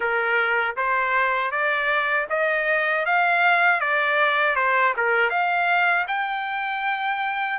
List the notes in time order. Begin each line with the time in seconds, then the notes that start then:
0.00 A#4
0.76 C5
1.51 D5
2.29 D#5
3.05 F5
3.80 D5
4.55 C5
4.96 A#4
5.30 F5
6.07 G5